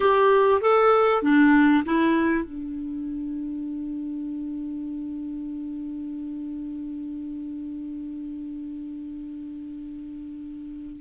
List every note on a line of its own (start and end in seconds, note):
0.00 0.61 G4
0.61 1.22 A4
1.22 1.83 D4
1.85 2.44 E4
2.44 11.01 D4